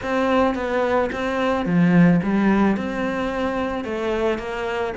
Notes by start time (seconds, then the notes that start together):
0.02 C4
0.55 B3
1.12 C4
1.65 F3
2.23 G3
2.76 C4
3.84 A3
4.38 A#3